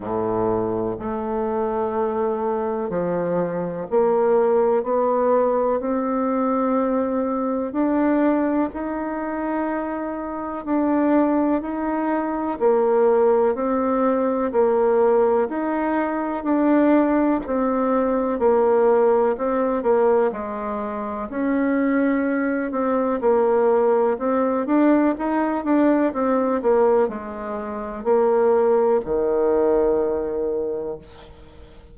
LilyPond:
\new Staff \with { instrumentName = "bassoon" } { \time 4/4 \tempo 4 = 62 a,4 a2 f4 | ais4 b4 c'2 | d'4 dis'2 d'4 | dis'4 ais4 c'4 ais4 |
dis'4 d'4 c'4 ais4 | c'8 ais8 gis4 cis'4. c'8 | ais4 c'8 d'8 dis'8 d'8 c'8 ais8 | gis4 ais4 dis2 | }